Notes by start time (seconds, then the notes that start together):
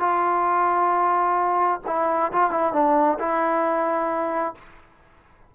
0.00 F4
1.87 E4
2.32 F4
2.51 E4
2.73 D4
3.19 E4